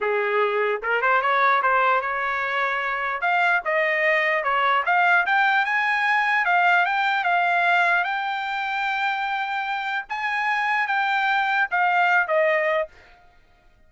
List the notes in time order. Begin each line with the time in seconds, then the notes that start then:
0.00 G#4
0.82 A#4
1.01 C5
1.21 C#5
1.62 C5
2.01 C#5
3.21 F5
3.65 D#5
4.43 C#5
4.85 F5
5.26 G5
5.65 G#5
6.45 F5
6.85 G5
7.24 F5
8.04 G5
10.09 G#5
10.87 G5
11.70 F5
12.27 D#5